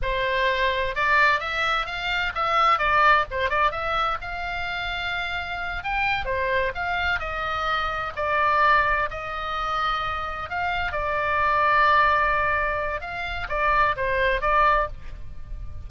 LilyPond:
\new Staff \with { instrumentName = "oboe" } { \time 4/4 \tempo 4 = 129 c''2 d''4 e''4 | f''4 e''4 d''4 c''8 d''8 | e''4 f''2.~ | f''8 g''4 c''4 f''4 dis''8~ |
dis''4. d''2 dis''8~ | dis''2~ dis''8 f''4 d''8~ | d''1 | f''4 d''4 c''4 d''4 | }